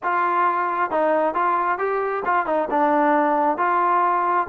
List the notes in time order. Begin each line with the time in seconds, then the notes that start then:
0.03 F4
0.90 D#4
1.34 F4
1.78 G4
2.25 F4
2.45 D#4
2.70 D4
3.57 F4